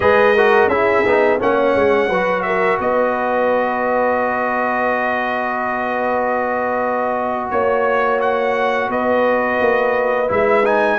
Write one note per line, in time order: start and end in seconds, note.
0.00 0.67 G#3
0.00 0.34 G#4
0.00 0.35 B4
0.00 0.68 D#5
0.35 0.70 F#4
0.35 0.69 A#4
0.67 1.02 C#4
0.67 1.05 E4
0.67 1.39 G#4
0.67 1.38 E5
1.05 1.40 B3
1.05 1.39 D#4
1.39 1.75 A#3
1.39 2.09 C#4
1.39 2.09 C#5
1.39 2.42 F#5
1.75 2.09 G#3
2.09 2.78 F#3
2.09 10.28 F#4
2.09 2.43 B4
2.42 2.81 A#4
2.42 2.77 E5
2.79 7.50 B3
2.79 7.50 B4
2.79 7.50 D#5
7.50 8.89 A#3
7.50 8.20 C#5
7.50 8.90 C#5
8.21 8.91 F#5
8.89 9.58 B3
8.89 10.99 B4
8.89 10.30 D#5
9.60 10.30 A#3
10.28 10.99 G#3
10.28 10.63 E4
10.28 10.65 E5
10.65 10.99 D#4
10.65 10.99 G#5